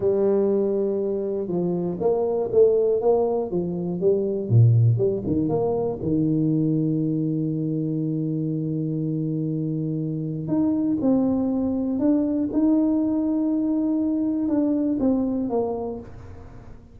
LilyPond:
\new Staff \with { instrumentName = "tuba" } { \time 4/4 \tempo 4 = 120 g2. f4 | ais4 a4 ais4 f4 | g4 ais,4 g8 dis8 ais4 | dis1~ |
dis1~ | dis4 dis'4 c'2 | d'4 dis'2.~ | dis'4 d'4 c'4 ais4 | }